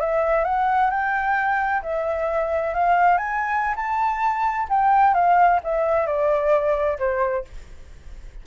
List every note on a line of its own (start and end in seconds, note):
0.00 0.44 E5
0.44 0.90 F#5
0.91 1.82 G5
1.83 2.74 E5
2.74 3.17 F5
3.17 3.75 G#5
3.76 4.68 A5
4.69 5.14 G5
5.14 5.60 F5
5.64 6.07 E5
6.07 6.98 D5
6.99 7.45 C5